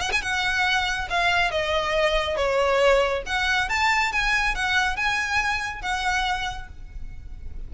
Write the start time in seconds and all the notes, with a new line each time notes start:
0.00 F#5
0.12 G#5
0.22 F#5
1.09 F5
1.51 D#5
2.36 C#5
3.26 F#5
3.69 A5
4.12 G#5
4.55 F#5
4.96 G#5
5.81 F#5